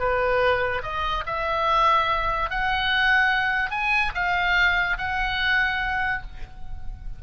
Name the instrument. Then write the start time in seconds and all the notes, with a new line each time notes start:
oboe
0.00 B4
0.83 D#5
1.27 E5
2.51 F#5
3.71 G#5
4.15 F5
4.98 F#5